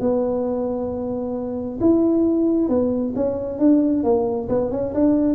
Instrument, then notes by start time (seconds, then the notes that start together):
tuba
0.00 B3
1.81 E4
2.69 B3
3.16 C#4
3.59 D4
4.04 A#3
4.49 B3
4.71 C#4
4.94 D4